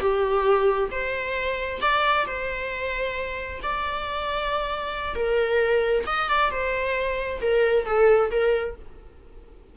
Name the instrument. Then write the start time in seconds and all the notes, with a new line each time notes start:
viola
0.00 G4
0.91 C5
1.82 D5
2.27 C5
3.63 D5
5.15 A#4
6.07 D#5
6.29 D5
6.51 C5
7.41 A#4
7.86 A4
8.31 A#4